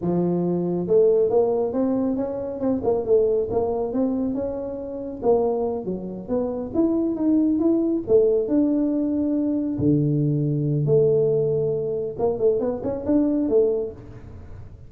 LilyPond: \new Staff \with { instrumentName = "tuba" } { \time 4/4 \tempo 4 = 138 f2 a4 ais4 | c'4 cis'4 c'8 ais8 a4 | ais4 c'4 cis'2 | ais4. fis4 b4 e'8~ |
e'8 dis'4 e'4 a4 d'8~ | d'2~ d'8 d4.~ | d4 a2. | ais8 a8 b8 cis'8 d'4 a4 | }